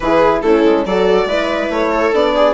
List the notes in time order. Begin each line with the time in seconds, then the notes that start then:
0.00 E3 E4 G#4 B4
0.42 A3 C#4 E4 A4
0.64 G#3
0.85 F#3 F#4 A4 D5
1.25 G#3 E4 B4
1.69 A3 C#5
1.90 A4
2.12 B3 D4 D5
2.35 G#4